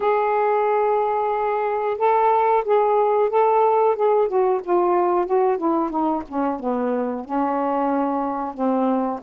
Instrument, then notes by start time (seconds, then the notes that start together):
saxophone
0.00 G#4
1.98 A4
2.64 G#4
3.29 A4
3.95 G#4
4.27 F#4
4.63 F4
5.26 F#4
5.57 E4
5.90 D#4
6.28 C#4
6.59 B3
7.25 C#4
8.54 C4